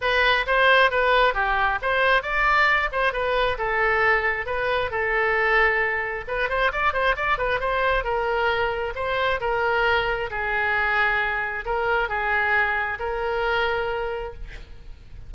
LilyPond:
\new Staff \with { instrumentName = "oboe" } { \time 4/4 \tempo 4 = 134 b'4 c''4 b'4 g'4 | c''4 d''4. c''8 b'4 | a'2 b'4 a'4~ | a'2 b'8 c''8 d''8 c''8 |
d''8 b'8 c''4 ais'2 | c''4 ais'2 gis'4~ | gis'2 ais'4 gis'4~ | gis'4 ais'2. | }